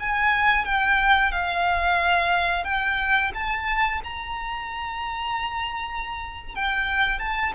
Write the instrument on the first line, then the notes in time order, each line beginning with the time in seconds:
violin
0.00 G#5
0.65 G5
1.32 F5
2.64 G5
3.34 A5
4.04 A#5
6.55 G5
7.19 A5